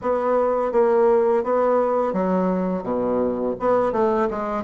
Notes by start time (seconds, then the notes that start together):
0.01 B3
0.71 A#3
1.43 B3
2.13 F#3
2.83 B2
3.59 B3
3.92 A3
4.30 G#3